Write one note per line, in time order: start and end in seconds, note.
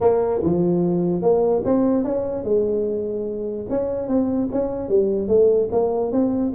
0.00 0.41 A#3
0.42 1.22 F3
1.22 1.63 A#3
1.64 2.04 C4
2.04 2.44 C#4
2.44 3.66 G#3
3.69 4.08 C#4
4.08 4.49 C4
4.52 4.88 C#4
4.88 5.28 G3
5.28 5.68 A3
5.71 6.12 A#3
6.12 6.52 C4